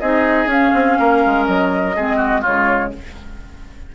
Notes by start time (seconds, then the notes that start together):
0.00 C4 D#4 G#4 D#5
0.46 C#4 F5
0.74 C4
0.99 A#3 A#4
1.26 G#3
1.45 F#3 D#5
1.96 G#3 C4 G#4
2.16 F#4
2.41 C#3 G#3 F4 C#5